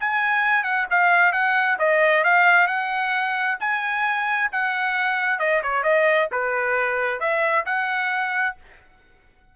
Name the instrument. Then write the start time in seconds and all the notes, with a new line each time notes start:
trumpet
0.00 G#5
0.64 F#5
0.90 F5
1.32 F#5
1.79 D#5
2.24 F5
2.67 F#5
3.60 G#5
4.52 F#5
5.39 D#5
5.63 C#5
5.83 D#5
6.32 B4
7.20 E5
7.66 F#5